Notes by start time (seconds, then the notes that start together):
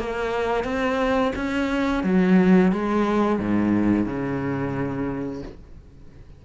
0.00 A#3
0.64 C4
1.36 C#4
2.04 F#3
2.72 G#3
3.40 G#2
4.06 C#3